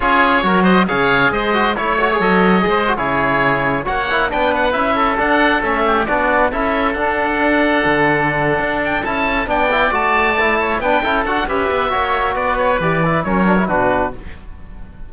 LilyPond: <<
  \new Staff \with { instrumentName = "oboe" } { \time 4/4 \tempo 4 = 136 cis''4. dis''8 f''4 dis''4 | cis''4 dis''4.~ dis''16 cis''4~ cis''16~ | cis''8. fis''4 g''8 fis''8 e''4 fis''16~ | fis''8. e''4 d''4 e''4 fis''16~ |
fis''1 | g''8 a''4 g''4 a''4.~ | a''8 g''4 fis''8 e''2 | d''8 cis''8 d''4 cis''4 b'4 | }
  \new Staff \with { instrumentName = "oboe" } { \time 4/4 gis'4 ais'8 c''8 cis''4 c''4 | cis''2 c''8. gis'4~ gis'16~ | gis'8. cis''4 b'4. a'8.~ | a'4~ a'16 g'8 fis'4 a'4~ a'16~ |
a'1~ | a'4. d''2~ d''8 | cis''8 b'8 a'4 b'4 cis''4 | b'2 ais'4 fis'4 | }
  \new Staff \with { instrumentName = "trombone" } { \time 4/4 f'4 fis'4 gis'4. fis'8 | e'8 fis'16 gis'16 a'4 gis'8 fis'16 e'4~ e'16~ | e'8. fis'8 e'8 d'4 e'4 d'16~ | d'8. cis'4 d'4 e'4 d'16~ |
d'1~ | d'8 e'4 d'8 e'8 fis'4 e'8~ | e'8 d'8 e'8 fis'8 g'4 fis'4~ | fis'4 g'8 e'8 cis'8 d'16 e'16 d'4 | }
  \new Staff \with { instrumentName = "cello" } { \time 4/4 cis'4 fis4 cis4 gis4 | a4 fis4 gis8. cis4~ cis16~ | cis8. ais4 b4 cis'4 d'16~ | d'8. a4 b4 cis'4 d'16~ |
d'4.~ d'16 d4.~ d16 d'8~ | d'8 cis'4 b4 a4.~ | a8 b8 cis'8 d'8 cis'8 b8 ais4 | b4 e4 fis4 b,4 | }
>>